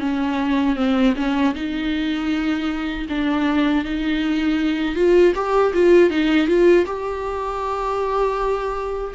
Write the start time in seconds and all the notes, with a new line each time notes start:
0.00 C#4
0.76 C4
1.17 C#4
1.55 D#4
3.09 D4
3.85 D#4
4.95 F4
5.35 G4
5.73 F4
6.10 D#4
6.48 F4
6.86 G4